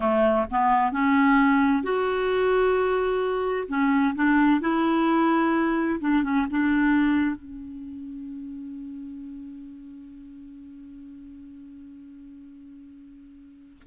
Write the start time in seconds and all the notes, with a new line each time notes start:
0.00 A3
0.51 B3
0.91 C#4
1.83 F#4
3.68 C#4
4.15 D4
4.61 E4
6.00 D4
6.23 C#4
6.50 D4
7.36 C#4